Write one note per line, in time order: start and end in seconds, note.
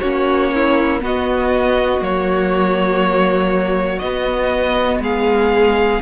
0.00 1.03 A#3
0.00 1.01 C#4
0.00 0.51 F#4
0.00 1.00 C#5
0.55 1.03 E4
1.01 2.01 B3
1.01 2.02 B3
1.01 5.03 F#4
1.01 2.03 D#5
2.01 4.02 F#3
2.01 4.01 A#3
2.01 3.99 C#5
3.99 4.99 B3
3.99 6.02 B3
3.99 4.99 D#5
4.99 5.99 G#3
4.99 6.02 G#4
4.99 6.02 F5